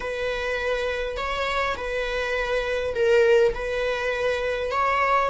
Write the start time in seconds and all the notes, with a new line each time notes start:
0.00 B4
1.16 C#5
1.76 B4
2.94 A#4
3.54 B4
4.71 C#5